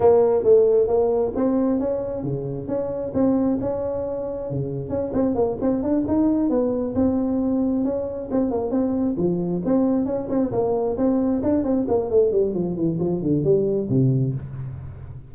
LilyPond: \new Staff \with { instrumentName = "tuba" } { \time 4/4 \tempo 4 = 134 ais4 a4 ais4 c'4 | cis'4 cis4 cis'4 c'4 | cis'2 cis4 cis'8 c'8 | ais8 c'8 d'8 dis'4 b4 c'8~ |
c'4. cis'4 c'8 ais8 c'8~ | c'8 f4 c'4 cis'8 c'8 ais8~ | ais8 c'4 d'8 c'8 ais8 a8 g8 | f8 e8 f8 d8 g4 c4 | }